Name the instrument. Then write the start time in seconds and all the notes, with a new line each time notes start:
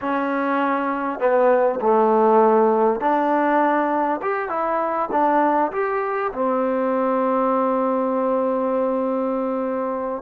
trombone
0.01 C#4
1.19 B3
1.80 A3
3.00 D4
4.22 G4
4.49 E4
5.11 D4
5.72 G4
6.32 C4